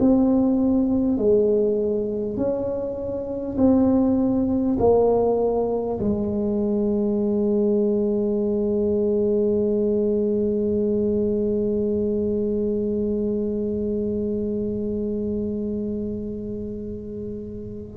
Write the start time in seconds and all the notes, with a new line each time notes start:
0.00 C4
1.18 G#3
2.37 C#4
3.57 C4
4.79 A#3
5.99 G#3